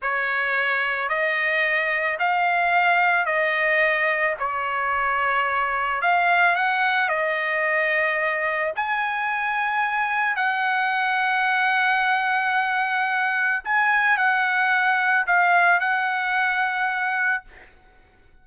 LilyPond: \new Staff \with { instrumentName = "trumpet" } { \time 4/4 \tempo 4 = 110 cis''2 dis''2 | f''2 dis''2 | cis''2. f''4 | fis''4 dis''2. |
gis''2. fis''4~ | fis''1~ | fis''4 gis''4 fis''2 | f''4 fis''2. | }